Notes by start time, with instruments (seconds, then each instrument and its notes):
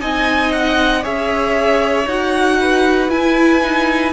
0.00 cello C4, viola D#4, violin D#5 G#5
0.52 violin F#5
1.03 cello C#4, viola G#4, violin C#5 E5
2.06 cello D#4, viola F#4, violin F#5
2.60 violin B4
3.09 cello E4, viola E4, violin G#5
3.62 viola D#4